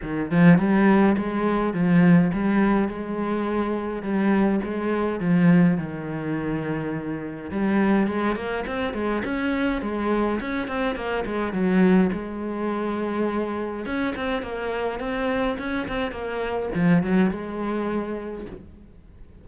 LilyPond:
\new Staff \with { instrumentName = "cello" } { \time 4/4 \tempo 4 = 104 dis8 f8 g4 gis4 f4 | g4 gis2 g4 | gis4 f4 dis2~ | dis4 g4 gis8 ais8 c'8 gis8 |
cis'4 gis4 cis'8 c'8 ais8 gis8 | fis4 gis2. | cis'8 c'8 ais4 c'4 cis'8 c'8 | ais4 f8 fis8 gis2 | }